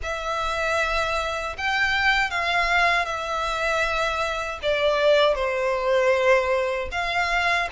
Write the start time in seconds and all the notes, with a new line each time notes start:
0.02 E5
1.57 G5
2.30 F5
3.05 E5
4.62 D5
5.35 C5
6.91 F5